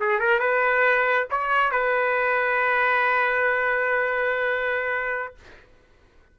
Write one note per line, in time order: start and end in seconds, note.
0.00 0.19 G#4
0.19 0.39 A#4
0.39 1.27 B4
1.30 1.71 C#5
1.71 5.35 B4